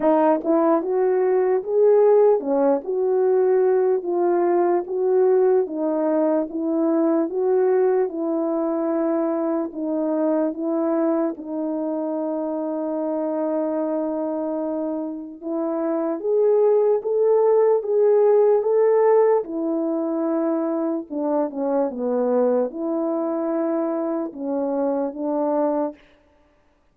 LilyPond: \new Staff \with { instrumentName = "horn" } { \time 4/4 \tempo 4 = 74 dis'8 e'8 fis'4 gis'4 cis'8 fis'8~ | fis'4 f'4 fis'4 dis'4 | e'4 fis'4 e'2 | dis'4 e'4 dis'2~ |
dis'2. e'4 | gis'4 a'4 gis'4 a'4 | e'2 d'8 cis'8 b4 | e'2 cis'4 d'4 | }